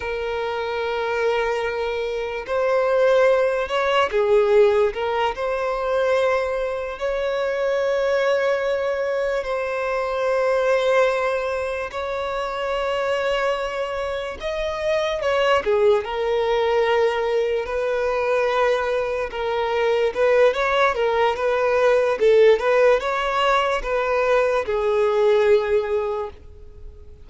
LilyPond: \new Staff \with { instrumentName = "violin" } { \time 4/4 \tempo 4 = 73 ais'2. c''4~ | c''8 cis''8 gis'4 ais'8 c''4.~ | c''8 cis''2. c''8~ | c''2~ c''8 cis''4.~ |
cis''4. dis''4 cis''8 gis'8 ais'8~ | ais'4. b'2 ais'8~ | ais'8 b'8 cis''8 ais'8 b'4 a'8 b'8 | cis''4 b'4 gis'2 | }